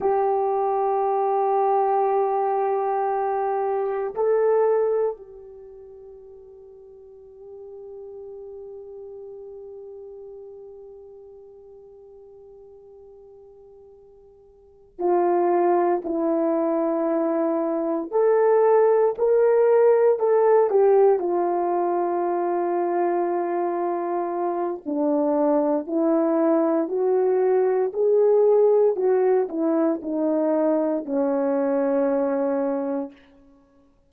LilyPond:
\new Staff \with { instrumentName = "horn" } { \time 4/4 \tempo 4 = 58 g'1 | a'4 g'2.~ | g'1~ | g'2~ g'8 f'4 e'8~ |
e'4. a'4 ais'4 a'8 | g'8 f'2.~ f'8 | d'4 e'4 fis'4 gis'4 | fis'8 e'8 dis'4 cis'2 | }